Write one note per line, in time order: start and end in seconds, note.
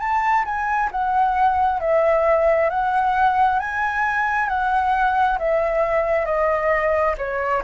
0.00 0.45 A5
0.45 0.90 G#5
0.92 1.80 F#5
1.80 2.70 E5
2.70 3.59 F#5
3.59 4.49 G#5
4.49 5.38 F#5
5.39 6.26 E5
6.26 7.15 D#5
7.18 7.62 C#5